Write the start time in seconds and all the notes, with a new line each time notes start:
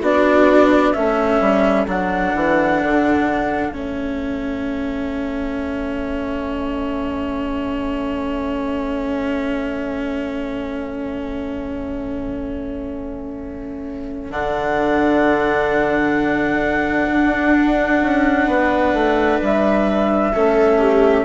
0.00 B3 D4 F#4 D5
0.93 A3 C#4 A4 E5
1.40 G3
1.87 F#3 D4 F#5
2.35 E3
2.83 D3
3.70 A3 C#4 E5
14.30 D3 D4 F#5
17.12 D4
18.01 C#4
18.47 B3 B4
18.93 A3
19.41 G3 E5
20.33 A3 C#4 A4
20.78 G4